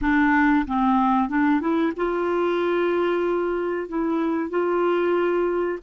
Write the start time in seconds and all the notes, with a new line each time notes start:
0.01 D4
0.66 C4
1.28 D4
1.60 E4
1.96 F4
3.88 E4
4.50 F4